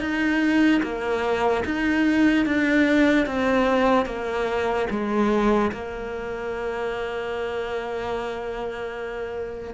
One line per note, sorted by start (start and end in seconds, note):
0.00 0.81 D#4
0.83 1.64 A#3
1.64 2.45 D#4
2.45 3.26 D4
3.26 4.05 C4
4.05 4.86 A#3
4.90 5.71 G#3
5.72 9.74 A#3